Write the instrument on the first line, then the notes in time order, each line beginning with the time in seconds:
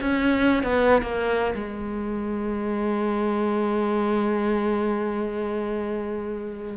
cello
0.00 C#4
0.63 B3
1.02 A#3
1.55 G#3